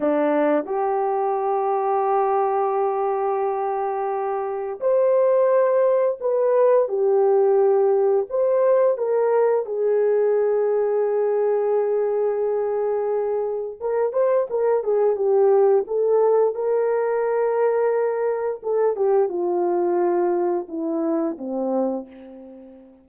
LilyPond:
\new Staff \with { instrumentName = "horn" } { \time 4/4 \tempo 4 = 87 d'4 g'2.~ | g'2. c''4~ | c''4 b'4 g'2 | c''4 ais'4 gis'2~ |
gis'1 | ais'8 c''8 ais'8 gis'8 g'4 a'4 | ais'2. a'8 g'8 | f'2 e'4 c'4 | }